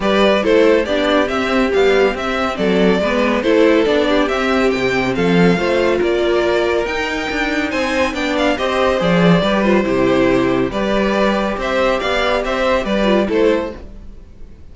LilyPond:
<<
  \new Staff \with { instrumentName = "violin" } { \time 4/4 \tempo 4 = 140 d''4 c''4 d''4 e''4 | f''4 e''4 d''2 | c''4 d''4 e''4 g''4 | f''2 d''2 |
g''2 gis''4 g''8 f''8 | dis''4 d''4. c''4.~ | c''4 d''2 e''4 | f''4 e''4 d''4 c''4 | }
  \new Staff \with { instrumentName = "violin" } { \time 4/4 b'4 a'4 g'2~ | g'2 a'4 b'4 | a'4. g'2~ g'8 | a'4 c''4 ais'2~ |
ais'2 c''4 d''4 | c''2 b'4 g'4~ | g'4 b'2 c''4 | d''4 c''4 b'4 a'4 | }
  \new Staff \with { instrumentName = "viola" } { \time 4/4 g'4 e'4 d'4 c'4 | g4 c'2 b4 | e'4 d'4 c'2~ | c'4 f'2. |
dis'2. d'4 | g'4 gis'4 g'8 f'8 e'4~ | e'4 g'2.~ | g'2~ g'8 f'8 e'4 | }
  \new Staff \with { instrumentName = "cello" } { \time 4/4 g4 a4 b4 c'4 | b4 c'4 fis4 gis4 | a4 b4 c'4 c4 | f4 a4 ais2 |
dis'4 d'4 c'4 b4 | c'4 f4 g4 c4~ | c4 g2 c'4 | b4 c'4 g4 a4 | }
>>